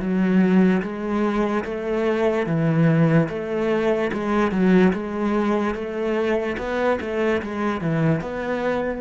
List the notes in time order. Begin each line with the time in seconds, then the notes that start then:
0.00 F#3
0.82 G#3
1.65 A3
2.46 E3
3.29 A3
4.13 G#3
4.52 F#3
4.94 G#3
5.75 A3
6.58 B3
7.01 A3
7.42 G#3
7.81 E3
8.21 B3